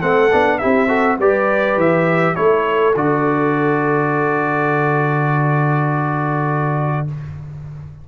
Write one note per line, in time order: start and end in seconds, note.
0.00 0.32 A3
0.00 0.30 C4
0.00 0.59 A4
0.00 0.58 F#5
0.31 0.62 B3
0.31 0.61 D4
0.58 1.19 C4
0.58 0.88 E4
0.58 0.88 G4
0.58 1.17 E5
0.88 1.17 F#4
0.88 1.18 A4
1.19 1.77 G3
1.19 2.35 G4
1.19 2.36 B4
1.19 1.80 D5
1.77 2.35 E3
1.77 2.35 E5
2.35 2.95 A3
2.35 2.94 E4
2.35 7.07 A4
2.35 2.94 C#5
2.95 7.07 D3
2.95 7.08 F#4
2.95 7.08 D5